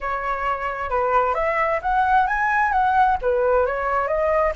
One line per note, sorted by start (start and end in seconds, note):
0.01 0.90 C#5
0.90 1.34 B4
1.34 1.80 E5
1.82 2.27 F#5
2.27 2.71 G#5
2.71 3.17 F#5
3.21 3.66 B4
3.66 4.07 C#5
4.07 4.53 D#5